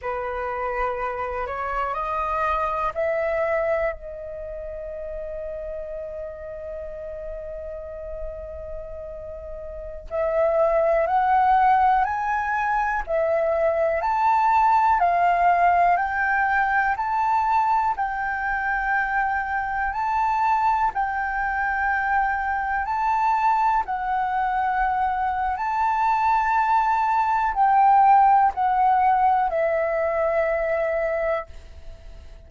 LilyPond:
\new Staff \with { instrumentName = "flute" } { \time 4/4 \tempo 4 = 61 b'4. cis''8 dis''4 e''4 | dis''1~ | dis''2~ dis''16 e''4 fis''8.~ | fis''16 gis''4 e''4 a''4 f''8.~ |
f''16 g''4 a''4 g''4.~ g''16~ | g''16 a''4 g''2 a''8.~ | a''16 fis''4.~ fis''16 a''2 | g''4 fis''4 e''2 | }